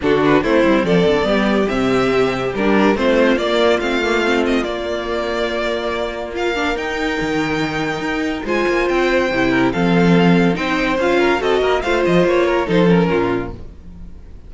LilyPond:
<<
  \new Staff \with { instrumentName = "violin" } { \time 4/4 \tempo 4 = 142 a'8 b'8 c''4 d''2 | e''2 ais'4 c''4 | d''4 f''4. dis''8 d''4~ | d''2. f''4 |
g''1 | gis''4 g''2 f''4~ | f''4 g''4 f''4 dis''4 | f''8 dis''8 cis''4 c''8 ais'4. | }
  \new Staff \with { instrumentName = "violin" } { \time 4/4 fis'4 e'4 a'4 g'4~ | g'2. f'4~ | f'1~ | f'2. ais'4~ |
ais'1 | c''2~ c''8 ais'8 a'4~ | a'4 c''4. ais'8 a'8 ais'8 | c''4. ais'8 a'4 f'4 | }
  \new Staff \with { instrumentName = "viola" } { \time 4/4 d'4 c'2 b4 | c'2 d'4 c'4 | ais4 c'8 ais8 c'4 ais4~ | ais2. f'8 d'8 |
dis'1 | f'2 e'4 c'4~ | c'4 dis'4 f'4 fis'4 | f'2 dis'8 cis'4. | }
  \new Staff \with { instrumentName = "cello" } { \time 4/4 d4 a8 g8 f8 d8 g4 | c2 g4 a4 | ais4 a2 ais4~ | ais1 |
dis'4 dis2 dis'4 | gis8 ais8 c'4 c4 f4~ | f4 c'4 cis'4 c'8 ais8 | a8 f8 ais4 f4 ais,4 | }
>>